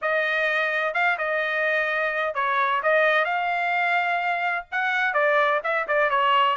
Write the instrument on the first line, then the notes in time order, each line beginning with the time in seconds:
trumpet
0.01 D#5
0.94 F5
1.17 D#5
2.34 C#5
2.82 D#5
3.24 F5
4.71 F#5
5.13 D5
5.63 E5
5.87 D5
6.10 C#5